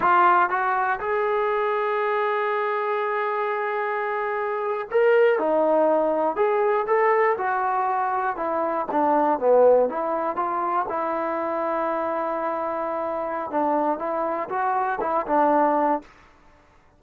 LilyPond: \new Staff \with { instrumentName = "trombone" } { \time 4/4 \tempo 4 = 120 f'4 fis'4 gis'2~ | gis'1~ | gis'4.~ gis'16 ais'4 dis'4~ dis'16~ | dis'8. gis'4 a'4 fis'4~ fis'16~ |
fis'8. e'4 d'4 b4 e'16~ | e'8. f'4 e'2~ e'16~ | e'2. d'4 | e'4 fis'4 e'8 d'4. | }